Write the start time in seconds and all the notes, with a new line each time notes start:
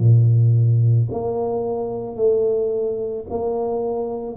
0.00 A#2
1.12 A#3
2.16 A3
3.30 A#3